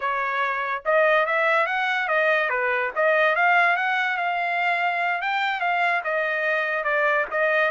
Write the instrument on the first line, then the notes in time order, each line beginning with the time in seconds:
trumpet
0.00 C#5
0.85 D#5
1.25 E5
1.66 F#5
2.08 D#5
2.49 B4
2.95 D#5
3.35 F5
3.76 F#5
4.17 F5
5.21 G5
5.60 F5
6.04 D#5
6.84 D5
7.30 D#5